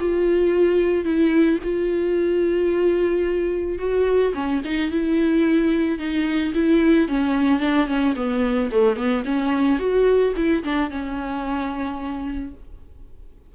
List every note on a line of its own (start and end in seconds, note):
0.00 1.05 F4
1.05 1.59 E4
1.64 3.79 F4
3.79 4.33 F#4
4.35 4.62 C#4
4.65 4.91 D#4
4.91 5.99 E4
5.99 6.53 D#4
6.54 7.09 E4
7.09 7.60 C#4
7.60 7.87 D4
7.87 8.14 C#4
8.16 8.70 B3
8.71 8.97 A3
8.97 9.24 B3
9.25 9.79 C#4
9.79 10.34 F#4
10.36 10.64 E4
10.64 10.90 D4
10.90 12.54 C#4